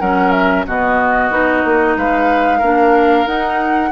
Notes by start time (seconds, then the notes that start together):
0.00 F#3 C#4 A#4 F#5
0.32 E5
0.67 B2 B3 F#4 D#5
1.31 B3 D#4
1.65 A#3
1.97 G#3 B4 F5
2.59 A#3 D4 A#4
3.26 D#4 F#5